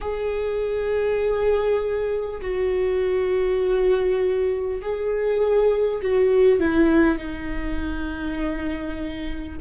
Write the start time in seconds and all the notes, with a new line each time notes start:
0.00 G#4
2.41 F#4
4.81 G#4
6.01 F#4
6.59 E4
7.17 D#4